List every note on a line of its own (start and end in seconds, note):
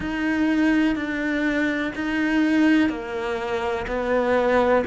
0.00 0.95 D#4
0.95 1.92 D4
1.95 2.89 D#4
2.89 3.85 A#3
3.87 4.83 B3